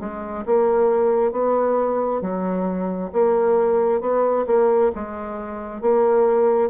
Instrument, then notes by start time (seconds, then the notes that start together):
bassoon
0.00 G#3
0.46 A#3
1.32 B3
2.21 F#3
3.13 A#3
4.01 B3
4.47 A#3
4.95 G#3
5.81 A#3